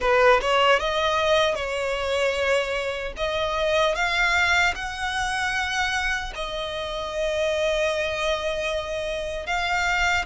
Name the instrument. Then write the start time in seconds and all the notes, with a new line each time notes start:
violin
0.00 B4
0.41 C#5
0.79 D#5
1.55 C#5
3.16 D#5
3.95 F5
4.75 F#5
6.35 D#5
9.46 F5